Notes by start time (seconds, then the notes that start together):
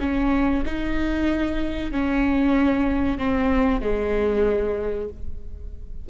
0.00 C#4
0.65 D#4
1.91 C#4
3.19 C4
3.81 G#3